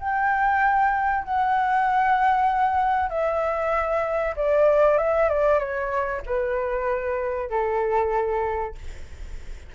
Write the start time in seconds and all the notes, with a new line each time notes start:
0.00 G5
1.24 F#5
3.10 E5
4.36 D5
4.98 E5
5.29 D5
5.59 C#5
6.26 B4
7.50 A4